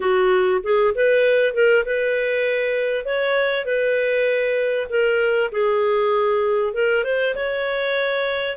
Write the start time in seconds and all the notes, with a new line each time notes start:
0.00 F#4
0.63 G#4
0.94 B4
1.54 A#4
1.85 B4
3.05 C#5
3.65 B4
4.89 A#4
5.51 G#4
6.73 A#4
7.04 C5
7.35 C#5